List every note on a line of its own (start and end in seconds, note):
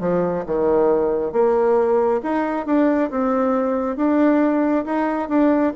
0.00 0.44 F3
0.46 1.32 D#3
1.32 2.21 A#3
2.23 2.66 D#4
2.66 3.10 D4
3.10 3.96 C4
3.96 4.84 D4
4.85 5.29 D#4
5.29 5.73 D4